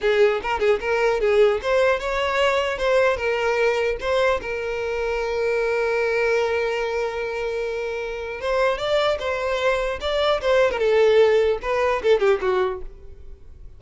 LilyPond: \new Staff \with { instrumentName = "violin" } { \time 4/4 \tempo 4 = 150 gis'4 ais'8 gis'8 ais'4 gis'4 | c''4 cis''2 c''4 | ais'2 c''4 ais'4~ | ais'1~ |
ais'1~ | ais'4 c''4 d''4 c''4~ | c''4 d''4 c''8. ais'16 a'4~ | a'4 b'4 a'8 g'8 fis'4 | }